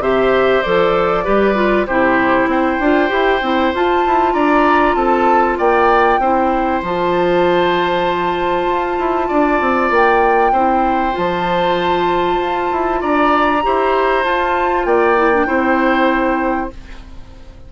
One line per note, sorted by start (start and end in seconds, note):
0.00 0.62 C3
0.00 0.64 G4
0.00 1.25 C5
0.00 0.63 E5
0.63 1.27 F3
0.63 1.25 A4
0.63 1.87 D5
1.25 1.88 G3
1.25 1.55 G4
1.25 1.87 B4
1.55 1.86 F4
1.87 2.47 C3
1.87 2.83 E4
1.87 2.49 G4
1.87 2.49 C5
2.47 2.78 C4
2.47 4.34 C5
2.47 3.74 G5
2.80 3.11 D4
2.80 3.09 F4
3.09 3.42 E4
3.09 3.40 G4
3.42 3.73 C4
3.42 3.74 E4
3.74 4.05 F4
3.74 6.22 F4
3.74 4.34 A5
4.07 4.35 E4
4.34 4.96 D4
4.34 4.96 D5
4.34 4.95 A#5
4.95 5.58 C4
4.95 5.59 A4
4.95 5.57 A5
5.59 6.20 A#3
5.59 6.20 D5
5.59 6.83 G5
6.20 6.82 C4
6.20 6.84 E4
6.20 9.28 C5
6.83 8.67 F3
6.83 10.56 F4
6.83 9.94 A5
8.67 8.98 F4
8.99 9.30 E4
9.28 9.61 D4
9.28 10.52 D5
9.61 9.91 C4
9.91 10.53 A#3
9.91 11.17 G5
10.53 11.14 C4
10.53 11.13 E4
10.53 13.00 C5
11.13 12.39 F3
11.13 13.60 F4
11.13 13.02 A5
12.39 12.69 F4
12.73 13.03 E4
13.01 13.65 D4
13.01 13.63 D5
13.01 14.24 A#5
13.63 14.26 E4
13.63 14.24 G4
13.63 14.87 C5
14.24 15.17 F4
14.24 14.86 F4
14.24 14.85 A5
14.85 15.48 A#3
14.85 15.47 D5
14.85 16.71 G5
15.17 15.33 E4
15.34 15.47 D4
15.47 16.73 C4
15.47 16.71 E4
15.47 16.71 C5